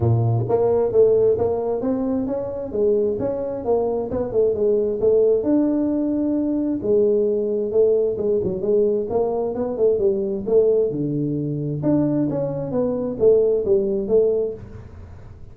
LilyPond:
\new Staff \with { instrumentName = "tuba" } { \time 4/4 \tempo 4 = 132 ais,4 ais4 a4 ais4 | c'4 cis'4 gis4 cis'4 | ais4 b8 a8 gis4 a4 | d'2. gis4~ |
gis4 a4 gis8 fis8 gis4 | ais4 b8 a8 g4 a4 | d2 d'4 cis'4 | b4 a4 g4 a4 | }